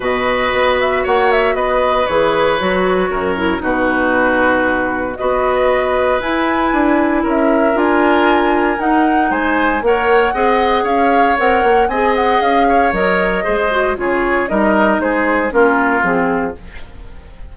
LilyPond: <<
  \new Staff \with { instrumentName = "flute" } { \time 4/4 \tempo 4 = 116 dis''4. e''8 fis''8 e''8 dis''4 | cis''2. b'4~ | b'2 dis''2 | gis''2 e''4 gis''4~ |
gis''4 fis''4 gis''4 fis''4~ | fis''4 f''4 fis''4 gis''8 fis''8 | f''4 dis''2 cis''4 | dis''4 c''4 ais'4 gis'4 | }
  \new Staff \with { instrumentName = "oboe" } { \time 4/4 b'2 cis''4 b'4~ | b'2 ais'4 fis'4~ | fis'2 b'2~ | b'2 ais'2~ |
ais'2 c''4 cis''4 | dis''4 cis''2 dis''4~ | dis''8 cis''4. c''4 gis'4 | ais'4 gis'4 f'2 | }
  \new Staff \with { instrumentName = "clarinet" } { \time 4/4 fis'1 | gis'4 fis'4. e'8 dis'4~ | dis'2 fis'2 | e'2. f'4~ |
f'4 dis'2 ais'4 | gis'2 ais'4 gis'4~ | gis'4 ais'4 gis'8 fis'8 f'4 | dis'2 cis'4 c'4 | }
  \new Staff \with { instrumentName = "bassoon" } { \time 4/4 b,4 b4 ais4 b4 | e4 fis4 fis,4 b,4~ | b,2 b2 | e'4 d'4 cis'4 d'4~ |
d'4 dis'4 gis4 ais4 | c'4 cis'4 c'8 ais8 c'4 | cis'4 fis4 gis4 cis4 | g4 gis4 ais4 f4 | }
>>